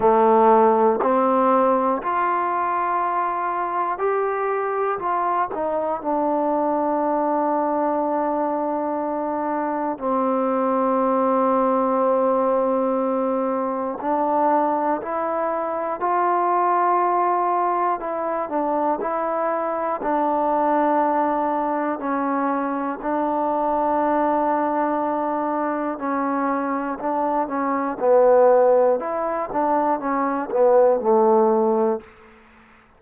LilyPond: \new Staff \with { instrumentName = "trombone" } { \time 4/4 \tempo 4 = 60 a4 c'4 f'2 | g'4 f'8 dis'8 d'2~ | d'2 c'2~ | c'2 d'4 e'4 |
f'2 e'8 d'8 e'4 | d'2 cis'4 d'4~ | d'2 cis'4 d'8 cis'8 | b4 e'8 d'8 cis'8 b8 a4 | }